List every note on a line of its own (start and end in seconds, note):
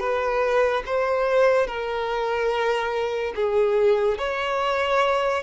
0.00 0.83 B4
0.86 1.67 C5
1.67 3.34 A#4
3.36 4.18 G#4
4.18 5.43 C#5